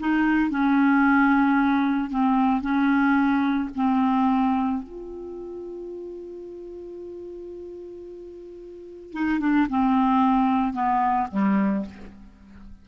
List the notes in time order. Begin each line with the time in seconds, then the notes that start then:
0.00 D#4
0.50 C#4
2.10 C4
2.62 C#4
3.76 C4
4.83 F4
9.13 D#4
9.40 D4
9.69 C4
10.73 B3
11.31 G3